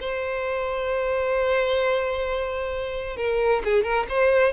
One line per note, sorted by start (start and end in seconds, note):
0.00 3.17 C5
3.17 3.62 A#4
3.65 3.83 G#4
3.83 4.06 A#4
4.09 4.53 C5